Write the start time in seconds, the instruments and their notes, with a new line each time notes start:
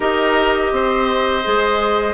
0.00 bassoon D#4, clarinet G4, oboe A#4, flute D#5
0.72 bassoon C4, oboe C5
1.43 bassoon G#3, clarinet G#4